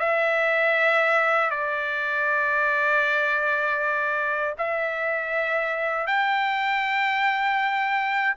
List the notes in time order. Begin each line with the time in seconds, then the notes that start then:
0.00 E5
1.51 D5
4.58 E5
6.07 G5